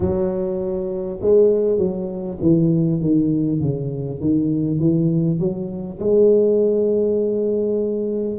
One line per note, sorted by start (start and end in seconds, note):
0.00 1.19 F#3
1.21 1.78 G#3
1.78 2.38 F#3
2.41 3.01 E3
3.01 3.60 D#3
3.60 4.20 C#3
4.20 4.79 D#3
4.79 5.39 E3
5.39 5.99 F#3
5.99 8.39 G#3